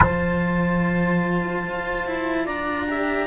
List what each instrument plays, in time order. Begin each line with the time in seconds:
0.00 cello F3 F4, saxophone C5, clarinet A5
1.66 cello F4
2.06 cello E4
2.45 cello D4, saxophone D5, clarinet A#5
2.88 cello G4, saxophone E5